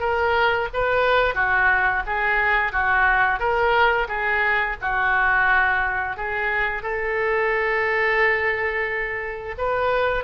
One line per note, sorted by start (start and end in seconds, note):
0.00 0.68 A#4
0.73 1.35 B4
1.35 2.03 F#4
2.06 2.72 G#4
2.72 3.39 F#4
3.39 4.08 A#4
4.08 4.76 G#4
4.82 6.17 F#4
6.17 6.83 G#4
6.83 9.55 A4
9.58 10.24 B4